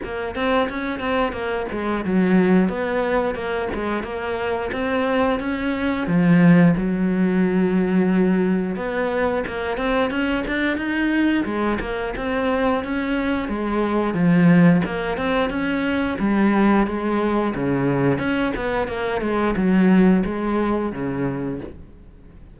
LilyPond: \new Staff \with { instrumentName = "cello" } { \time 4/4 \tempo 4 = 89 ais8 c'8 cis'8 c'8 ais8 gis8 fis4 | b4 ais8 gis8 ais4 c'4 | cis'4 f4 fis2~ | fis4 b4 ais8 c'8 cis'8 d'8 |
dis'4 gis8 ais8 c'4 cis'4 | gis4 f4 ais8 c'8 cis'4 | g4 gis4 cis4 cis'8 b8 | ais8 gis8 fis4 gis4 cis4 | }